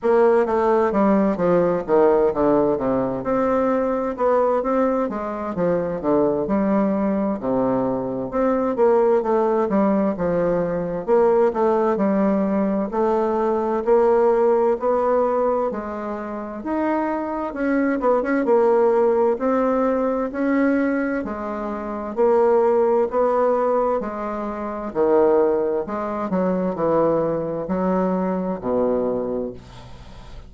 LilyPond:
\new Staff \with { instrumentName = "bassoon" } { \time 4/4 \tempo 4 = 65 ais8 a8 g8 f8 dis8 d8 c8 c'8~ | c'8 b8 c'8 gis8 f8 d8 g4 | c4 c'8 ais8 a8 g8 f4 | ais8 a8 g4 a4 ais4 |
b4 gis4 dis'4 cis'8 b16 cis'16 | ais4 c'4 cis'4 gis4 | ais4 b4 gis4 dis4 | gis8 fis8 e4 fis4 b,4 | }